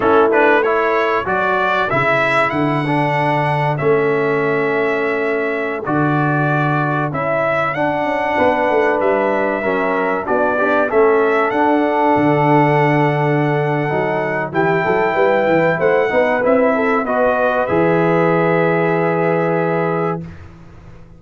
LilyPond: <<
  \new Staff \with { instrumentName = "trumpet" } { \time 4/4 \tempo 4 = 95 a'8 b'8 cis''4 d''4 e''4 | fis''2 e''2~ | e''4~ e''16 d''2 e''8.~ | e''16 fis''2 e''4.~ e''16~ |
e''16 d''4 e''4 fis''4.~ fis''16~ | fis''2. g''4~ | g''4 fis''4 e''4 dis''4 | e''1 | }
  \new Staff \with { instrumentName = "horn" } { \time 4/4 e'4 a'2.~ | a'1~ | a'1~ | a'4~ a'16 b'2 ais'8.~ |
ais'16 fis'8 d'8 a'2~ a'8.~ | a'2. g'8 a'8 | b'4 c''8 b'4 a'8 b'4~ | b'1 | }
  \new Staff \with { instrumentName = "trombone" } { \time 4/4 cis'8 d'8 e'4 fis'4 e'4~ | e'8 d'4. cis'2~ | cis'4~ cis'16 fis'2 e'8.~ | e'16 d'2. cis'8.~ |
cis'16 d'8 g'8 cis'4 d'4.~ d'16~ | d'2 dis'4 e'4~ | e'4. dis'8 e'4 fis'4 | gis'1 | }
  \new Staff \with { instrumentName = "tuba" } { \time 4/4 a2 fis4 cis4 | d2 a2~ | a4~ a16 d2 cis'8.~ | cis'16 d'8 cis'8 b8 a8 g4 fis8.~ |
fis16 b4 a4 d'4 d8.~ | d2 fis4 e8 fis8 | g8 e8 a8 b8 c'4 b4 | e1 | }
>>